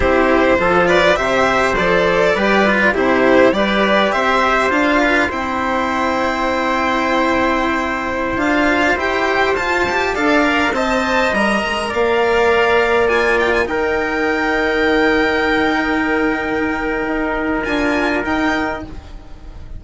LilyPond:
<<
  \new Staff \with { instrumentName = "violin" } { \time 4/4 \tempo 4 = 102 c''4. d''8 e''4 d''4~ | d''4 c''4 d''4 e''4 | f''4 g''2.~ | g''2~ g''16 f''4 g''8.~ |
g''16 a''4 f''4 a''4 ais''8.~ | ais''16 f''2 gis''8 g''16 gis''16 g''8.~ | g''1~ | g''2 gis''4 g''4 | }
  \new Staff \with { instrumentName = "trumpet" } { \time 4/4 g'4 a'8 b'8 c''2 | b'4 g'4 b'4 c''4~ | c''8 b'8 c''2.~ | c''1~ |
c''4~ c''16 d''4 dis''4.~ dis''16~ | dis''16 d''2. ais'8.~ | ais'1~ | ais'1 | }
  \new Staff \with { instrumentName = "cello" } { \time 4/4 e'4 f'4 g'4 a'4 | g'8 f'8 e'4 g'2 | f'4 e'2.~ | e'2~ e'16 f'4 g'8.~ |
g'16 f'8 g'8 a'8 ais'8 c''4 ais'8.~ | ais'2~ ais'16 f'4 dis'8.~ | dis'1~ | dis'2 f'4 dis'4 | }
  \new Staff \with { instrumentName = "bassoon" } { \time 4/4 c'4 f4 c4 f4 | g4 c4 g4 c'4 | d'4 c'2.~ | c'2~ c'16 d'4 e'8.~ |
e'16 f'4 d'4 c'4 g8 gis16~ | gis16 ais2. dis8.~ | dis1~ | dis4 dis'4 d'4 dis'4 | }
>>